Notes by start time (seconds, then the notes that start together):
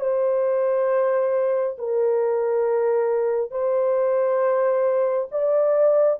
0.00 C5
1.78 A#4
3.51 C5
5.31 D5